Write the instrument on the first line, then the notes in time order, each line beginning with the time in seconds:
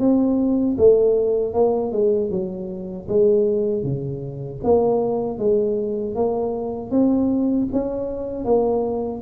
tuba
0.00 C4
0.78 A3
1.54 A#3
1.92 G#3
2.31 F#3
3.09 G#3
3.83 C#3
4.64 A#3
5.38 G#3
6.15 A#3
6.91 C4
7.72 C#4
8.45 A#3